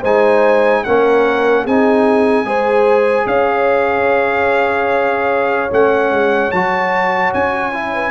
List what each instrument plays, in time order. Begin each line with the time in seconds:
0.00 tuba G#3, trombone D#4, horn C5, trumpet G#5
0.84 tuba A#3, trombone C#4, horn A#4, trumpet F#5
1.64 tuba C4, trombone D#4, horn G#4, trumpet G#5
2.44 tuba G#3, trombone G#4, horn C5
3.26 tuba C#4, horn C#5, trumpet F5
5.70 tuba A3, trombone C#4, trumpet F#5
6.10 tuba G#3
6.51 tuba F#3, trombone F#4, trumpet A5
7.33 tuba C#4, trumpet G#5
7.72 trombone E4
7.93 horn B4